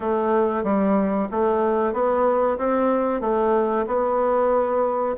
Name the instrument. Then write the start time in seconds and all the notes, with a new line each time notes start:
bassoon
0.00 A3
0.63 G3
1.31 A3
1.93 B3
2.57 C4
3.21 A3
3.87 B3